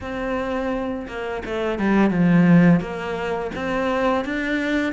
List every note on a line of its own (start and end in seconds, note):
0.01 1.07 C4
1.07 1.43 A#3
1.45 1.78 A3
1.78 2.10 G3
2.10 2.80 F3
2.80 3.51 A#3
3.55 4.24 C4
4.24 4.92 D4